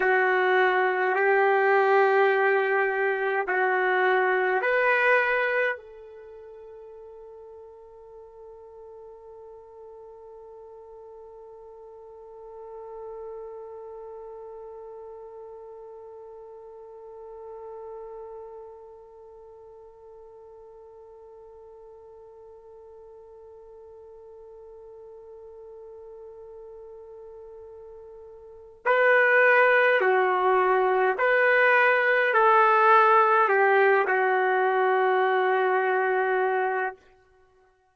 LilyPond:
\new Staff \with { instrumentName = "trumpet" } { \time 4/4 \tempo 4 = 52 fis'4 g'2 fis'4 | b'4 a'2.~ | a'1~ | a'1~ |
a'1~ | a'1~ | a'4 b'4 fis'4 b'4 | a'4 g'8 fis'2~ fis'8 | }